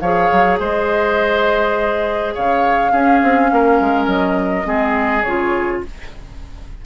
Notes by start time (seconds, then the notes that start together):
0.00 F3 G#4 C#5 F5
0.32 F#3
0.60 G#3 C5 D#5
2.34 C#3 C#5 F5
2.92 C#4 G#4
3.23 C4
3.52 A#3 A#4
3.80 G#3
4.07 F#3 D#5
4.64 G#3 C4 G#4
5.23 C#3 F4 C#5